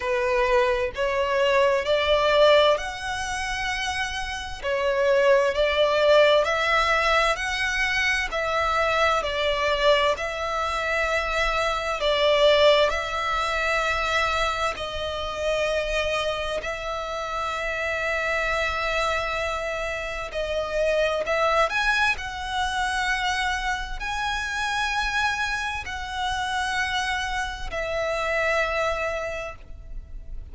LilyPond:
\new Staff \with { instrumentName = "violin" } { \time 4/4 \tempo 4 = 65 b'4 cis''4 d''4 fis''4~ | fis''4 cis''4 d''4 e''4 | fis''4 e''4 d''4 e''4~ | e''4 d''4 e''2 |
dis''2 e''2~ | e''2 dis''4 e''8 gis''8 | fis''2 gis''2 | fis''2 e''2 | }